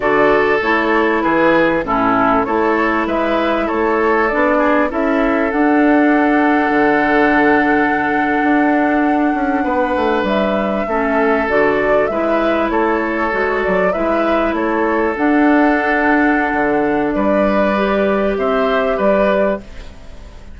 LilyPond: <<
  \new Staff \with { instrumentName = "flute" } { \time 4/4 \tempo 4 = 98 d''4 cis''4 b'4 a'4 | cis''4 e''4 cis''4 d''4 | e''4 fis''2.~ | fis''1~ |
fis''8. e''2 d''4 e''16~ | e''8. cis''4. d''8 e''4 cis''16~ | cis''8. fis''2.~ fis''16 | d''2 e''4 d''4 | }
  \new Staff \with { instrumentName = "oboe" } { \time 4/4 a'2 gis'4 e'4 | a'4 b'4 a'4. gis'8 | a'1~ | a'2.~ a'8. b'16~ |
b'4.~ b'16 a'2 b'16~ | b'8. a'2 b'4 a'16~ | a'1 | b'2 c''4 b'4 | }
  \new Staff \with { instrumentName = "clarinet" } { \time 4/4 fis'4 e'2 cis'4 | e'2. d'4 | e'4 d'2.~ | d'1~ |
d'4.~ d'16 cis'4 fis'4 e'16~ | e'4.~ e'16 fis'4 e'4~ e'16~ | e'8. d'2.~ d'16~ | d'4 g'2. | }
  \new Staff \with { instrumentName = "bassoon" } { \time 4/4 d4 a4 e4 a,4 | a4 gis4 a4 b4 | cis'4 d'2 d4~ | d4.~ d16 d'4. cis'8 b16~ |
b16 a8 g4 a4 d4 gis16~ | gis8. a4 gis8 fis8 gis4 a16~ | a8. d'2~ d'16 d4 | g2 c'4 g4 | }
>>